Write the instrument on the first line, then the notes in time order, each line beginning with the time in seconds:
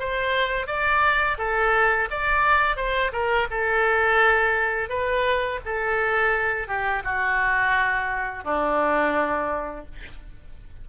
oboe
0.00 C5
0.67 D5
1.38 A4
2.10 D5
2.76 C5
3.13 A#4
3.50 A4
4.89 B4
5.65 A4
6.68 G4
7.04 F#4
8.44 D4